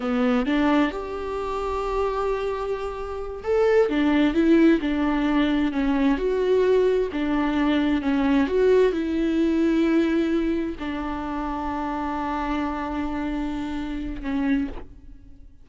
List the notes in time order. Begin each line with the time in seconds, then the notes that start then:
0.00 B3
0.45 D4
0.91 G4
3.43 A4
3.89 D4
4.34 E4
4.81 D4
5.71 C#4
6.17 F#4
7.12 D4
8.01 C#4
8.47 F#4
8.92 E4
10.79 D4
14.22 C#4